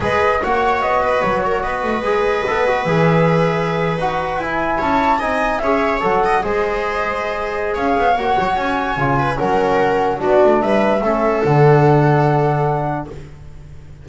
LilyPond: <<
  \new Staff \with { instrumentName = "flute" } { \time 4/4 \tempo 4 = 147 dis''4 fis''4 dis''4 cis''4 | dis''2. e''4~ | e''4.~ e''16 fis''4 gis''4 a''16~ | a''8. gis''4 e''4 fis''4 dis''16~ |
dis''2. f''4 | fis''4 gis''2 fis''4~ | fis''4 d''4 e''2 | fis''1 | }
  \new Staff \with { instrumentName = "viola" } { \time 4/4 b'4 cis''4. b'4 ais'8 | b'1~ | b'2.~ b'8. cis''16~ | cis''8. dis''4 cis''4. dis''8 c''16~ |
c''2. cis''4~ | cis''2~ cis''8 b'8 ais'4~ | ais'4 fis'4 b'4 a'4~ | a'1 | }
  \new Staff \with { instrumentName = "trombone" } { \time 4/4 gis'4 fis'2.~ | fis'4 gis'4 a'8 fis'8 gis'4~ | gis'4.~ gis'16 fis'4 e'4~ e'16~ | e'8. dis'4 gis'4 a'4 gis'16~ |
gis'1 | fis'2 f'4 cis'4~ | cis'4 d'2 cis'4 | d'1 | }
  \new Staff \with { instrumentName = "double bass" } { \time 4/4 gis4 ais4 b4 fis4 | b8 a8 gis4 b4 e4~ | e4.~ e16 dis'4 e'4 cis'16~ | cis'8. c'4 cis'4 fis4 gis16~ |
gis2. cis'8 b8 | ais8 fis8 cis'4 cis4 fis4~ | fis4 b8 a8 g4 a4 | d1 | }
>>